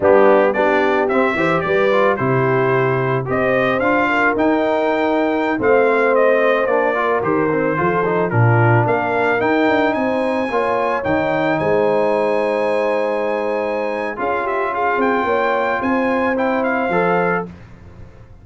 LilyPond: <<
  \new Staff \with { instrumentName = "trumpet" } { \time 4/4 \tempo 4 = 110 g'4 d''4 e''4 d''4 | c''2 dis''4 f''4 | g''2~ g''16 f''4 dis''8.~ | dis''16 d''4 c''2 ais'8.~ |
ais'16 f''4 g''4 gis''4.~ gis''16~ | gis''16 g''4 gis''2~ gis''8.~ | gis''2 f''8 e''8 f''8 g''8~ | g''4 gis''4 g''8 f''4. | }
  \new Staff \with { instrumentName = "horn" } { \time 4/4 d'4 g'4. c''8 b'4 | g'2 c''4. ais'8~ | ais'2~ ais'16 c''4.~ c''16~ | c''8. ais'4. a'4 f'8.~ |
f'16 ais'2 c''4 cis''8.~ | cis''4~ cis''16 c''2~ c''8.~ | c''2 gis'8 g'8 gis'4 | cis''4 c''2. | }
  \new Staff \with { instrumentName = "trombone" } { \time 4/4 b4 d'4 c'8 g'4 f'8 | e'2 g'4 f'4 | dis'2~ dis'16 c'4.~ c'16~ | c'16 d'8 f'8 g'8 c'8 f'8 dis'8 d'8.~ |
d'4~ d'16 dis'2 f'8.~ | f'16 dis'2.~ dis'8.~ | dis'2 f'2~ | f'2 e'4 a'4 | }
  \new Staff \with { instrumentName = "tuba" } { \time 4/4 g4 b4 c'8 e8 g4 | c2 c'4 d'4 | dis'2~ dis'16 a4.~ a16~ | a16 ais4 dis4 f4 ais,8.~ |
ais,16 ais4 dis'8 d'8 c'4 ais8.~ | ais16 dis4 gis2~ gis8.~ | gis2 cis'4. c'8 | ais4 c'2 f4 | }
>>